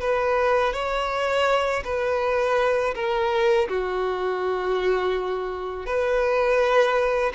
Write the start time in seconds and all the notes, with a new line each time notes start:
0.00 B4
0.73 C#5
1.84 B4
2.94 A#4
3.68 F#4
5.86 B4